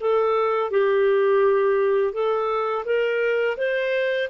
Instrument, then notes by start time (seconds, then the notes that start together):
clarinet
0.00 A4
0.70 G4
2.13 A4
2.85 A#4
3.57 C5